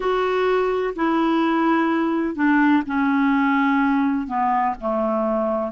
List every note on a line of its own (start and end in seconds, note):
0.00 0.94 F#4
0.95 2.35 E4
2.35 2.83 D4
2.86 4.27 C#4
4.27 4.74 B3
4.80 5.71 A3